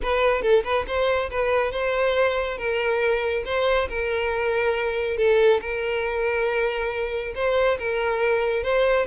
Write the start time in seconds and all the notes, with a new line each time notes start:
0.02 B4
0.42 A4
0.64 B4
0.87 C5
1.30 B4
1.71 C5
2.57 A#4
3.45 C5
3.88 A#4
5.17 A4
5.61 A#4
7.35 C5
7.79 A#4
8.63 C5